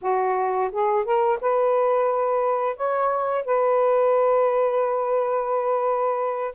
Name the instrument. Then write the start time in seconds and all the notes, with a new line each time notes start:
saxophone
0.01 F#4
0.71 G#4
1.04 A#4
1.40 B4
2.76 C#5
3.45 B4